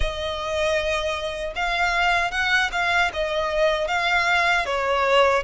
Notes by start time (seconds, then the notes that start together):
0.00 D#5
1.55 F5
2.31 F#5
2.72 F5
3.13 D#5
3.87 F5
4.65 C#5